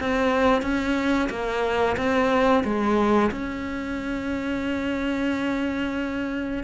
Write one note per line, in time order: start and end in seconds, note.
0.00 0.62 C4
0.62 1.29 C#4
1.30 1.96 A#3
1.97 2.64 C4
2.64 3.31 G#3
3.31 6.64 C#4